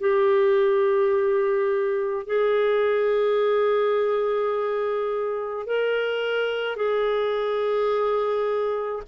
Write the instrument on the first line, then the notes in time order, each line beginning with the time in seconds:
clarinet
0.00 G4
2.26 G#4
5.66 A#4
6.76 G#4